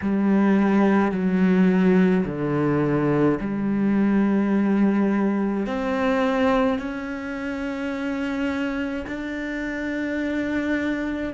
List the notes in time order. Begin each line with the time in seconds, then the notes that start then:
0.01 G3
1.11 F#3
2.25 D3
3.40 G3
5.66 C4
6.79 C#4
9.07 D4